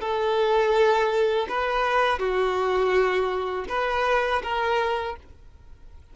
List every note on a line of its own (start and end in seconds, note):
0.00 1.46 A4
1.49 2.19 B4
2.19 3.65 F#4
3.69 4.42 B4
4.42 5.16 A#4